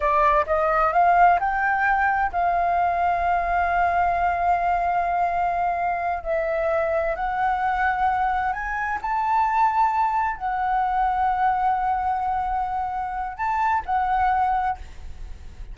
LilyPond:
\new Staff \with { instrumentName = "flute" } { \time 4/4 \tempo 4 = 130 d''4 dis''4 f''4 g''4~ | g''4 f''2.~ | f''1~ | f''4. e''2 fis''8~ |
fis''2~ fis''8 gis''4 a''8~ | a''2~ a''8 fis''4.~ | fis''1~ | fis''4 a''4 fis''2 | }